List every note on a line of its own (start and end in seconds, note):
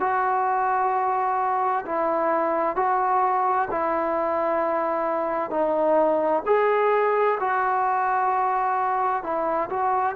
0.00 1.85 F#4
1.86 2.76 E4
2.76 3.68 F#4
3.71 5.50 E4
5.50 6.43 D#4
6.46 7.38 G#4
7.40 9.23 F#4
9.23 9.69 E4
9.70 10.16 F#4